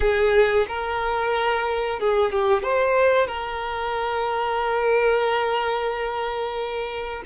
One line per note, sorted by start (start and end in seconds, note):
0.00 0.66 G#4
0.68 1.99 A#4
1.99 2.32 G#4
2.32 2.62 G4
2.62 3.27 C5
3.27 7.22 A#4